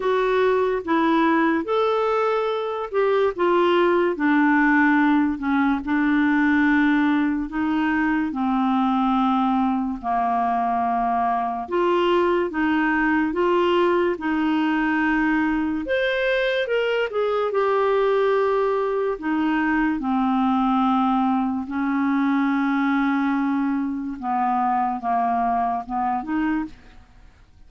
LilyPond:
\new Staff \with { instrumentName = "clarinet" } { \time 4/4 \tempo 4 = 72 fis'4 e'4 a'4. g'8 | f'4 d'4. cis'8 d'4~ | d'4 dis'4 c'2 | ais2 f'4 dis'4 |
f'4 dis'2 c''4 | ais'8 gis'8 g'2 dis'4 | c'2 cis'2~ | cis'4 b4 ais4 b8 dis'8 | }